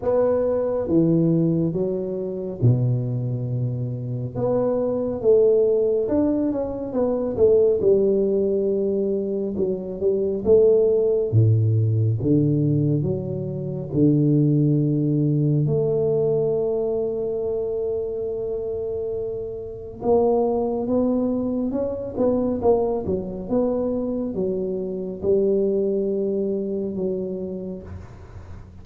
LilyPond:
\new Staff \with { instrumentName = "tuba" } { \time 4/4 \tempo 4 = 69 b4 e4 fis4 b,4~ | b,4 b4 a4 d'8 cis'8 | b8 a8 g2 fis8 g8 | a4 a,4 d4 fis4 |
d2 a2~ | a2. ais4 | b4 cis'8 b8 ais8 fis8 b4 | fis4 g2 fis4 | }